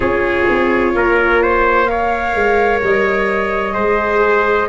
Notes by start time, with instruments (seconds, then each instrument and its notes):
0.00 tuba C#4, viola F4, trumpet G#4, flute C#5
0.49 tuba C4
0.94 tuba A#3, trumpet A#4
1.42 trumpet C5
1.85 viola A#4, trumpet C#5, flute F5
2.34 tuba G#3
2.82 tuba G3, flute D#5
3.72 tuba G#3, viola G#4, trumpet C5